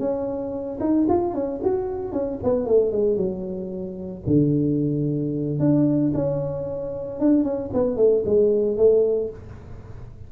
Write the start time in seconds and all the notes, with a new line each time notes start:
0.00 C#4
0.80 D#4
1.09 F4
1.34 C#4
1.64 F#4
2.13 C#4
2.44 B3
2.67 A3
2.92 G#3
3.17 F#3
4.27 D3
5.60 D4
6.15 C#4
7.20 D4
7.44 C#4
7.74 B3
7.97 A3
8.26 G#3
8.77 A3